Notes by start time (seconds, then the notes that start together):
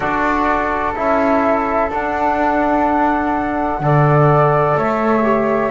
0.00 D4 F#4 A4 D5
0.95 C#4 E4 E5
1.89 D4 F#5
3.79 D3 A4 D5
4.77 A3 C#5 E5
5.22 G4